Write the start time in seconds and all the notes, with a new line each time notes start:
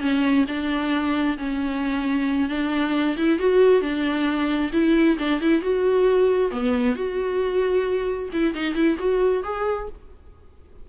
0.00 C#4
0.48 D4
1.38 C#4
2.49 D4
3.16 E4
3.39 F#4
3.81 D4
4.72 E4
5.19 D4
5.41 E4
5.62 F#4
6.51 B3
6.95 F#4
8.33 E4
8.54 D#4
8.74 E4
8.99 F#4
9.43 G#4